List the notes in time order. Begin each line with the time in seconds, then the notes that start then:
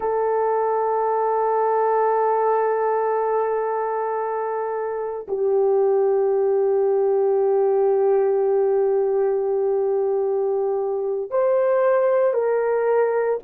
0.00 A4
5.28 G4
11.30 C5
12.33 A#4